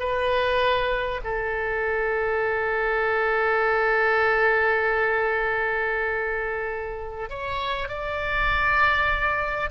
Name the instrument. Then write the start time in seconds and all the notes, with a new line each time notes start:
oboe
0.00 B4
1.24 A4
7.30 C#5
7.89 D5